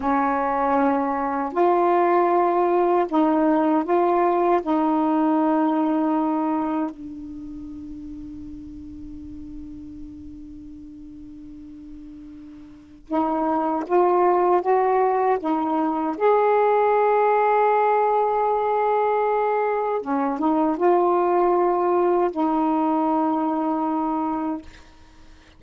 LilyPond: \new Staff \with { instrumentName = "saxophone" } { \time 4/4 \tempo 4 = 78 cis'2 f'2 | dis'4 f'4 dis'2~ | dis'4 d'2.~ | d'1~ |
d'4 dis'4 f'4 fis'4 | dis'4 gis'2.~ | gis'2 cis'8 dis'8 f'4~ | f'4 dis'2. | }